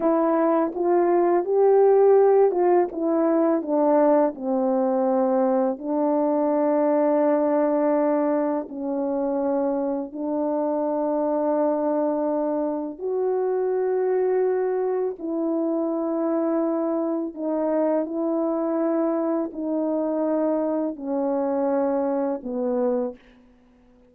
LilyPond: \new Staff \with { instrumentName = "horn" } { \time 4/4 \tempo 4 = 83 e'4 f'4 g'4. f'8 | e'4 d'4 c'2 | d'1 | cis'2 d'2~ |
d'2 fis'2~ | fis'4 e'2. | dis'4 e'2 dis'4~ | dis'4 cis'2 b4 | }